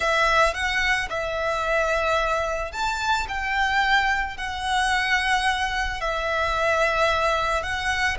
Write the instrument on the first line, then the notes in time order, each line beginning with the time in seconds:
violin
0.00 E5
0.54 F#5
1.09 E5
2.72 A5
3.28 G5
4.37 F#5
6.00 E5
7.62 F#5